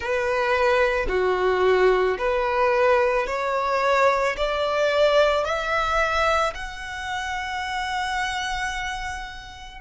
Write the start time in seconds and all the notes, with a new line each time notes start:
0.00 B4
1.08 F#4
2.18 B4
3.26 C#5
4.36 D5
5.44 E5
6.54 F#5